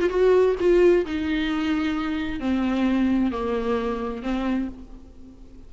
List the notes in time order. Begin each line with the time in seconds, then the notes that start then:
0.00 F4
0.10 F#4
0.60 F4
1.06 D#4
2.40 C4
3.31 A#3
4.22 C4